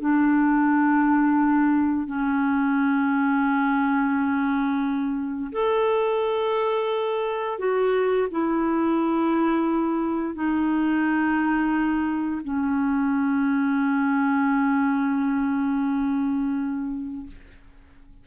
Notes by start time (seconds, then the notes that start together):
0.00 D4
2.06 C#4
5.52 A4
7.59 F#4
8.31 E4
10.34 D#4
12.44 C#4